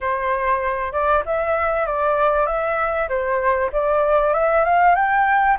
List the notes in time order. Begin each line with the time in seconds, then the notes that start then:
0.00 C5
0.92 D5
1.25 E5
1.86 D5
2.46 E5
3.08 C5
3.72 D5
4.33 E5
4.64 F5
4.95 G5